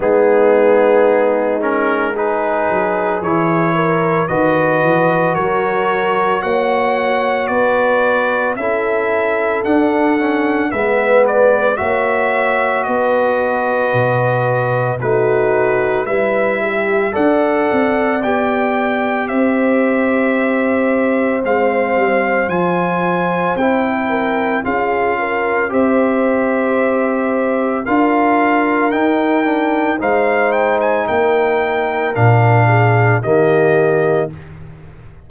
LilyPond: <<
  \new Staff \with { instrumentName = "trumpet" } { \time 4/4 \tempo 4 = 56 gis'4. ais'8 b'4 cis''4 | dis''4 cis''4 fis''4 d''4 | e''4 fis''4 e''8 d''8 e''4 | dis''2 b'4 e''4 |
fis''4 g''4 e''2 | f''4 gis''4 g''4 f''4 | e''2 f''4 g''4 | f''8 g''16 gis''16 g''4 f''4 dis''4 | }
  \new Staff \with { instrumentName = "horn" } { \time 4/4 dis'2 gis'4. ais'8 | b'4 ais'4 cis''4 b'4 | a'2 b'4 cis''4 | b'2 fis'4 b'8 g'8 |
d''2 c''2~ | c''2~ c''8 ais'8 gis'8 ais'8 | c''2 ais'2 | c''4 ais'4. gis'8 g'4 | }
  \new Staff \with { instrumentName = "trombone" } { \time 4/4 b4. cis'8 dis'4 e'4 | fis'1 | e'4 d'8 cis'8 b4 fis'4~ | fis'2 dis'4 e'4 |
a'4 g'2. | c'4 f'4 e'4 f'4 | g'2 f'4 dis'8 d'8 | dis'2 d'4 ais4 | }
  \new Staff \with { instrumentName = "tuba" } { \time 4/4 gis2~ gis8 fis8 e4 | dis8 e8 fis4 ais4 b4 | cis'4 d'4 gis4 ais4 | b4 b,4 a4 g4 |
d'8 c'8 b4 c'2 | gis8 g8 f4 c'4 cis'4 | c'2 d'4 dis'4 | gis4 ais4 ais,4 dis4 | }
>>